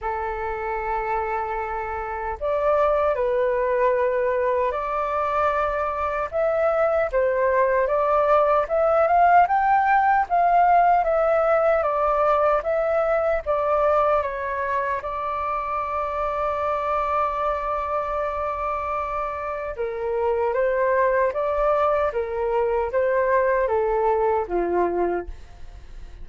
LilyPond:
\new Staff \with { instrumentName = "flute" } { \time 4/4 \tempo 4 = 76 a'2. d''4 | b'2 d''2 | e''4 c''4 d''4 e''8 f''8 | g''4 f''4 e''4 d''4 |
e''4 d''4 cis''4 d''4~ | d''1~ | d''4 ais'4 c''4 d''4 | ais'4 c''4 a'4 f'4 | }